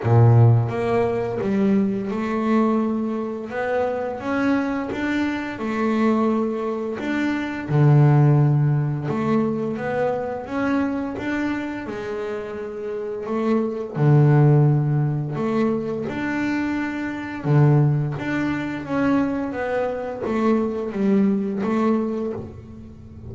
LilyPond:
\new Staff \with { instrumentName = "double bass" } { \time 4/4 \tempo 4 = 86 ais,4 ais4 g4 a4~ | a4 b4 cis'4 d'4 | a2 d'4 d4~ | d4 a4 b4 cis'4 |
d'4 gis2 a4 | d2 a4 d'4~ | d'4 d4 d'4 cis'4 | b4 a4 g4 a4 | }